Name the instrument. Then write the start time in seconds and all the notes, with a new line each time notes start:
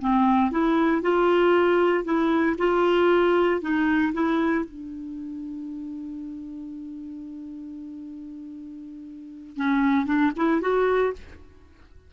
clarinet
0.00 C4
0.51 E4
1.02 F4
2.04 E4
2.58 F4
3.61 D#4
4.13 E4
4.65 D4
9.56 C#4
10.05 D4
10.36 E4
10.61 F#4